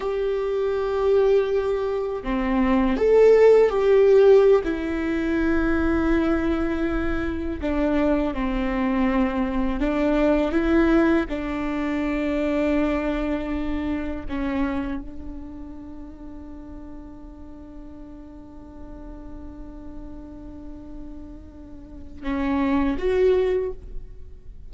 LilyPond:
\new Staff \with { instrumentName = "viola" } { \time 4/4 \tempo 4 = 81 g'2. c'4 | a'4 g'4~ g'16 e'4.~ e'16~ | e'2~ e'16 d'4 c'8.~ | c'4~ c'16 d'4 e'4 d'8.~ |
d'2.~ d'16 cis'8.~ | cis'16 d'2.~ d'8.~ | d'1~ | d'2 cis'4 fis'4 | }